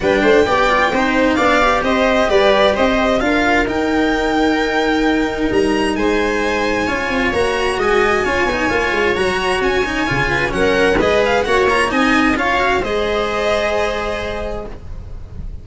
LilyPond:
<<
  \new Staff \with { instrumentName = "violin" } { \time 4/4 \tempo 4 = 131 g''2. f''4 | dis''4 d''4 dis''4 f''4 | g''1 | ais''4 gis''2. |
ais''4 gis''2. | ais''4 gis''2 fis''4 | dis''8 f''8 fis''8 ais''8 gis''4 f''4 | dis''1 | }
  \new Staff \with { instrumentName = "viola" } { \time 4/4 b'8 c''8 d''4 c''4 d''4 | c''4 b'4 c''4 ais'4~ | ais'1~ | ais'4 c''2 cis''4~ |
cis''4 dis''4 cis''2~ | cis''2~ cis''8 b'8 ais'4 | b'4 cis''4 dis''4 cis''4 | c''1 | }
  \new Staff \with { instrumentName = "cello" } { \time 4/4 d'4 g'8 f'8 dis'4 d'8 g'8~ | g'2. f'4 | dis'1~ | dis'2. f'4 |
fis'2 f'8 dis'8 f'4 | fis'4. dis'8 f'4 cis'4 | gis'4 fis'8 f'8 dis'4 f'8 fis'8 | gis'1 | }
  \new Staff \with { instrumentName = "tuba" } { \time 4/4 g8 a8 b4 c'4 b4 | c'4 g4 c'4 d'4 | dis'1 | g4 gis2 cis'8 c'8 |
ais4 gis4 cis'8 b8 ais8 gis8 | fis4 cis'4 cis4 fis4 | gis4 ais4 c'4 cis'4 | gis1 | }
>>